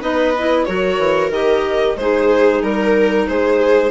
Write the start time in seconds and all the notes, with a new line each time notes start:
0.00 B3 D#4 B4 D#5
0.38 E4
0.65 F#3 F#4 A#4 C#5
0.98 E3
1.29 D#3 G4 D#5
1.96 G#3 D#4 G#4 C5
2.62 G3 A#4
3.27 G#3 G#4 C5